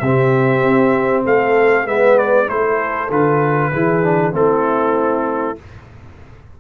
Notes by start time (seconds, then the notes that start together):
0.00 C3 C4 G4 E5
0.63 C4
1.25 A3 A4 F5
1.86 G#3 B3 B4 E5
2.18 D5
2.47 A3 E4 A4 C5
3.10 D3 F4 B4
3.73 E3 E4 G#4
4.04 D4
4.32 A3 C4 E4 A4